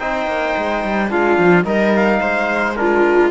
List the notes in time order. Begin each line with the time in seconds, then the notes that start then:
0.00 C4 D#4 C5 G5
0.27 A#3
0.58 G#3
0.84 G3
1.10 G#3 D4 F4 F5
1.39 F3
1.65 G3 D#4 A#4 D#5
1.96 F5
2.20 G#3 C5
2.77 D4 F4 A#4